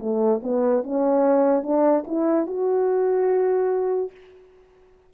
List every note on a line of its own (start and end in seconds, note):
0.00 0.41 A3
0.43 0.84 B3
0.84 1.64 C#4
1.64 2.05 D4
2.08 2.47 E4
2.47 4.11 F#4